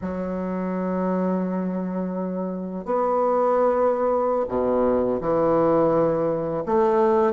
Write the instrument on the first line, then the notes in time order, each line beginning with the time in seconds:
bassoon
0.01 F#3
2.85 B3
4.48 B2
5.20 E3
6.66 A3